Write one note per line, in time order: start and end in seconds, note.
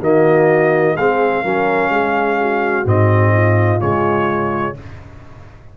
0.00 0.95 D#3
0.00 0.97 A#3
0.00 0.95 F#4
0.00 0.97 D#5
0.95 1.43 G#3
0.95 1.44 C4
0.95 1.43 G#4
0.95 2.87 F5
1.44 1.90 F#3
1.44 2.85 C#4
1.44 1.91 A#4
1.90 2.85 G#3
1.90 2.40 G#4
2.41 3.33 F#4
2.85 3.81 G#2
2.85 3.80 C4
2.85 3.81 D#5
3.33 4.76 F4
3.80 4.77 C#3
3.80 4.75 G#3
3.80 4.76 C#5